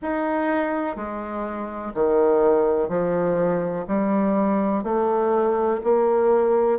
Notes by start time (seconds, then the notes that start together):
0.01 D#4
0.96 G#3
1.94 D#3
2.88 F3
3.87 G3
4.83 A3
5.83 A#3